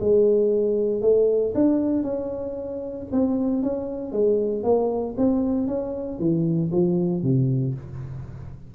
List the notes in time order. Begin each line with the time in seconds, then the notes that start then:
0.00 G#3
1.01 A3
1.54 D4
2.03 C#4
3.12 C4
3.62 C#4
4.12 G#3
4.63 A#3
5.17 C4
5.67 C#4
6.19 E3
6.72 F3
7.22 C3